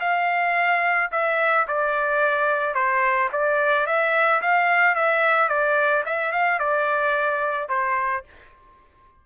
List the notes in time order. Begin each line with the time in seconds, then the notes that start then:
0.00 F5
1.12 E5
1.67 D5
2.74 C5
3.32 D5
3.86 E5
4.41 F5
4.95 E5
5.48 D5
6.06 E5
6.32 F5
6.59 D5
7.69 C5